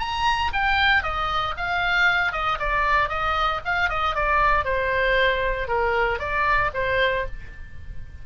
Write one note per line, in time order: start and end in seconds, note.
0.00 0.52 A#5
0.54 1.03 G5
1.03 1.55 D#5
1.58 2.33 F5
2.33 2.59 D#5
2.60 3.09 D5
3.09 3.61 D#5
3.66 3.90 F5
3.90 4.15 D#5
4.15 4.65 D5
4.65 5.68 C5
5.68 6.20 A#4
6.20 6.71 D5
6.75 7.26 C5